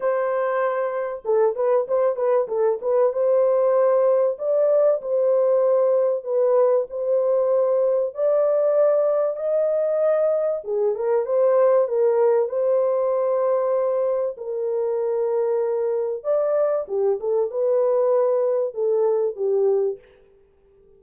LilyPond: \new Staff \with { instrumentName = "horn" } { \time 4/4 \tempo 4 = 96 c''2 a'8 b'8 c''8 b'8 | a'8 b'8 c''2 d''4 | c''2 b'4 c''4~ | c''4 d''2 dis''4~ |
dis''4 gis'8 ais'8 c''4 ais'4 | c''2. ais'4~ | ais'2 d''4 g'8 a'8 | b'2 a'4 g'4 | }